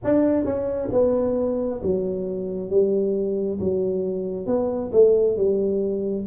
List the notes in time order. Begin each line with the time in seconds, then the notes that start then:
0.04 D4
0.44 C#4
0.92 B3
1.82 F#3
2.69 G3
3.59 F#3
4.46 B3
4.92 A3
5.36 G3